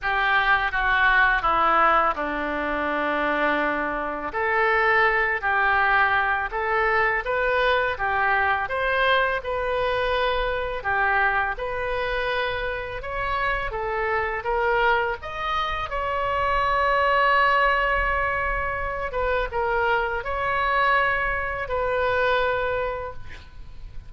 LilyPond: \new Staff \with { instrumentName = "oboe" } { \time 4/4 \tempo 4 = 83 g'4 fis'4 e'4 d'4~ | d'2 a'4. g'8~ | g'4 a'4 b'4 g'4 | c''4 b'2 g'4 |
b'2 cis''4 a'4 | ais'4 dis''4 cis''2~ | cis''2~ cis''8 b'8 ais'4 | cis''2 b'2 | }